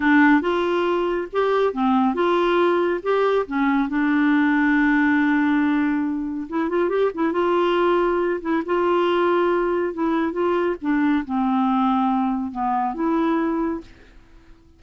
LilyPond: \new Staff \with { instrumentName = "clarinet" } { \time 4/4 \tempo 4 = 139 d'4 f'2 g'4 | c'4 f'2 g'4 | cis'4 d'2.~ | d'2. e'8 f'8 |
g'8 e'8 f'2~ f'8 e'8 | f'2. e'4 | f'4 d'4 c'2~ | c'4 b4 e'2 | }